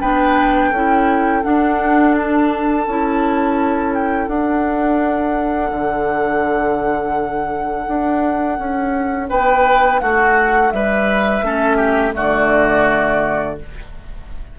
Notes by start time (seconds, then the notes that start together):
0.00 B3 D4 B4 G5
0.70 C#4 E4 A4
1.42 D4 F#5
2.16 A5
2.86 C#4 E4
3.93 G5
4.28 D4 F#5
5.71 D3
7.87 D4
8.58 C#4
9.28 B3 B4 G5
10.00 A3 F#4 F#5
10.70 G3 B4 E5
11.41 A3 C#4 A4
11.76 G4
12.12 D3 A3 F#4 D5